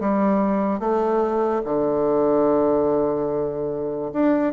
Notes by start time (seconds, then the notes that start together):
0.00 G3
0.80 A3
1.65 D3
4.13 D4